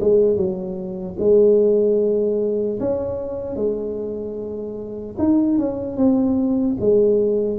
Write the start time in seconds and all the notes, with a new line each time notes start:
0.00 G#3
0.36 F#3
1.19 G#3
2.80 C#4
3.56 G#3
5.18 D#4
5.58 C#4
5.97 C4
6.80 G#3